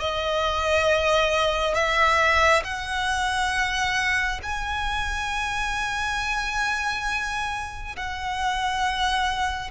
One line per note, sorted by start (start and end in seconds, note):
0.00 1.74 D#5
1.74 2.63 E5
2.64 4.40 F#5
4.43 7.96 G#5
7.96 9.71 F#5